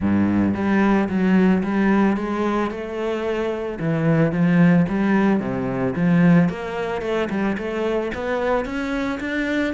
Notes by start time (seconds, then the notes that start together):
0.00 G2
0.54 G3
1.08 F#3
1.63 G3
2.16 G#3
2.70 A3
3.79 E3
4.32 F3
4.88 G3
5.40 C3
5.95 F3
6.49 A#3
7.01 A3
7.29 G3
7.57 A3
8.14 B3
8.65 C#4
9.20 D4